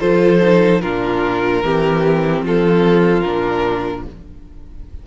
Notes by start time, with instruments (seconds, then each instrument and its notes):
0.00 cello F3, viola F4, violin A4 C5
0.41 viola D#4
0.81 cello A#2, viola D4, violin F4 A#4
1.63 cello E3, viola C4, violin G4
2.42 cello F3, violin F4 A4
3.22 cello A#2, viola D4, violin A#4